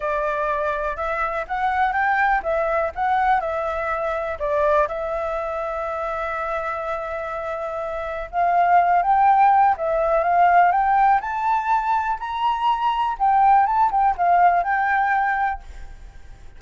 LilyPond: \new Staff \with { instrumentName = "flute" } { \time 4/4 \tempo 4 = 123 d''2 e''4 fis''4 | g''4 e''4 fis''4 e''4~ | e''4 d''4 e''2~ | e''1~ |
e''4 f''4. g''4. | e''4 f''4 g''4 a''4~ | a''4 ais''2 g''4 | a''8 g''8 f''4 g''2 | }